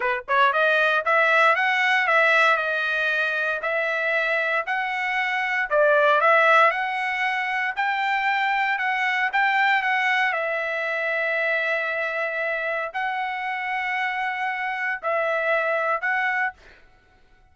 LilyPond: \new Staff \with { instrumentName = "trumpet" } { \time 4/4 \tempo 4 = 116 b'8 cis''8 dis''4 e''4 fis''4 | e''4 dis''2 e''4~ | e''4 fis''2 d''4 | e''4 fis''2 g''4~ |
g''4 fis''4 g''4 fis''4 | e''1~ | e''4 fis''2.~ | fis''4 e''2 fis''4 | }